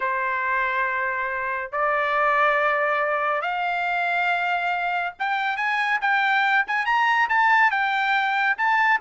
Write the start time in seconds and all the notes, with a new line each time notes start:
0.00 C5
1.71 D5
3.41 F5
5.19 G5
5.56 G#5
6.01 G5
6.67 G#5
6.85 A#5
7.29 A5
7.70 G5
8.57 A5